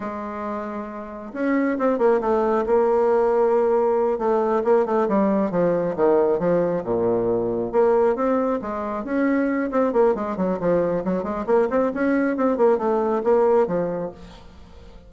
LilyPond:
\new Staff \with { instrumentName = "bassoon" } { \time 4/4 \tempo 4 = 136 gis2. cis'4 | c'8 ais8 a4 ais2~ | ais4. a4 ais8 a8 g8~ | g8 f4 dis4 f4 ais,8~ |
ais,4. ais4 c'4 gis8~ | gis8 cis'4. c'8 ais8 gis8 fis8 | f4 fis8 gis8 ais8 c'8 cis'4 | c'8 ais8 a4 ais4 f4 | }